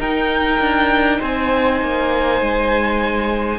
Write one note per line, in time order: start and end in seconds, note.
0.00 0.60 D#4
0.00 3.59 D#4
0.00 1.20 A#4
0.00 1.22 G5
0.60 1.21 D4
1.20 1.82 C4
1.20 3.59 C5
1.20 3.59 G#5
1.82 2.42 A#3
2.42 3.59 G#3